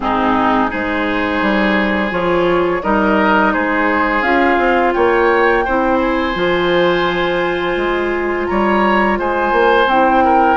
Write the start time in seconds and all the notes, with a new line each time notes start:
0.00 G#2 C4 D#4 G#4
0.68 G#3 D#4 G#4 C5
1.41 G3
2.10 F3 F4 C#5
2.82 G3 D#4 A#4 D#5
3.53 G#3 G#4 C5
4.21 C#4 F4 F5
4.58 C4
4.93 A#3 C#5 G5
5.64 C4 E4 C5
5.99 G#5
6.34 F3 F4
7.76 G#3
8.46 G3 C#5 A#5
9.18 G#3 C5 G#5
9.51 A#3
9.86 C4 E4 G5
10.24 A#4